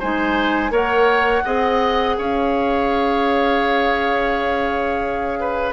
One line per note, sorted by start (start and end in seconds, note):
0.00 0.71 G#3
0.00 0.71 D#4
0.00 0.71 C5
0.00 0.73 G#5
0.71 1.42 A#3
0.71 1.42 A#4
0.71 1.44 C#5
0.71 2.18 F#5
1.45 2.18 C4
1.45 5.73 G#4
1.45 2.16 D#5
2.18 5.73 C#4
2.18 5.40 C#5
2.18 5.73 F5
5.40 5.73 B4